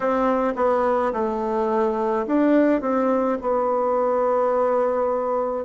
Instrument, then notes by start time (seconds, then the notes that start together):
bassoon
0.00 C4
0.56 B3
1.13 A3
2.26 D4
2.81 C4
3.41 B3